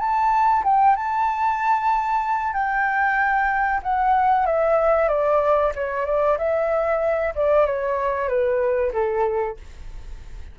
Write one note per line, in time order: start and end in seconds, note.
0.00 0.64 A5
0.65 0.97 G5
0.97 2.54 A5
2.54 3.82 G5
3.83 4.47 F#5
4.47 5.09 E5
5.09 5.73 D5
5.76 6.06 C#5
6.06 6.38 D5
6.39 7.34 E5
7.36 7.66 D5
7.66 8.29 C#5
8.29 8.92 B4
8.93 9.57 A4